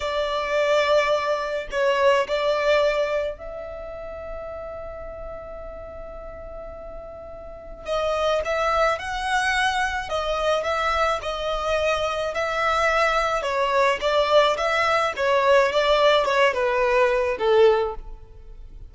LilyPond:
\new Staff \with { instrumentName = "violin" } { \time 4/4 \tempo 4 = 107 d''2. cis''4 | d''2 e''2~ | e''1~ | e''2 dis''4 e''4 |
fis''2 dis''4 e''4 | dis''2 e''2 | cis''4 d''4 e''4 cis''4 | d''4 cis''8 b'4. a'4 | }